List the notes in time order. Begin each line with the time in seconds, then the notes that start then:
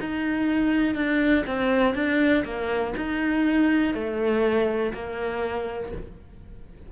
0.00 D#4
0.95 D4
1.47 C4
1.94 D4
2.45 A#3
2.96 D#4
3.94 A3
4.94 A#3